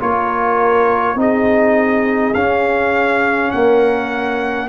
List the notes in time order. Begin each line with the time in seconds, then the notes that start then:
0.00 A#3 F4 A#4 C#5
1.15 C4 D#4 G#4 D#5
2.34 C#4 F5
3.51 A#3 A#4 F#5